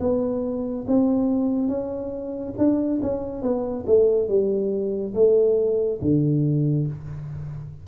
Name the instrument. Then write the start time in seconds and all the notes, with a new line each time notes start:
tuba
0.00 B3
0.88 C4
1.68 C#4
2.58 D4
3.03 C#4
3.42 B3
3.87 A3
4.29 G3
5.14 A3
6.02 D3